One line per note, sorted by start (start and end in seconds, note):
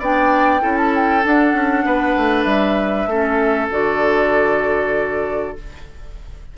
0.00 0.62 B3
0.00 0.61 D4
0.00 0.62 D5
0.00 0.78 G5
0.61 1.25 C#4
0.61 1.23 E4
0.61 1.85 A4
0.78 0.93 A5
0.95 1.26 G5
1.23 3.09 D4
1.23 1.54 D4
1.23 2.44 F#5
1.54 1.85 C#4
1.85 2.16 B3
1.85 3.10 B4
2.17 2.45 A3
2.44 3.06 G3
2.44 3.68 E5
3.06 3.68 A3
3.06 3.71 C#4
3.06 5.58 A4
3.71 5.57 D3
3.71 5.57 F#4
3.71 5.58 D5